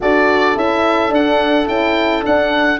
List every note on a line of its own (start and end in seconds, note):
0.00 0.56 D4
0.00 0.55 F#4
0.00 2.80 A4
0.00 0.57 D5
0.55 1.11 C#4
0.55 1.09 E4
0.55 1.14 E5
1.09 1.65 D4
1.09 1.67 D4
1.09 1.68 F#5
1.67 2.23 C#4
1.67 2.22 E4
1.67 2.24 G5
2.22 2.78 D4
2.22 2.80 D4
2.22 2.80 F#5